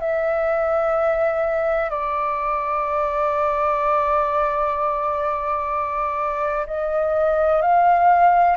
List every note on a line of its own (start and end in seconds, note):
0.00 1.90 E5
1.90 6.66 D5
6.66 7.61 D#5
7.61 8.57 F5